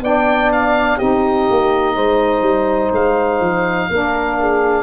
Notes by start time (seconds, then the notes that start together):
0.00 B3 D4 D5 G5
0.52 F5
0.97 C4 D#4 G4 D#5
1.50 A#3
1.95 G#3 C5
2.41 G3
2.91 G#3 F5
3.40 F3
3.89 A#3 D4 A#4
4.40 G#4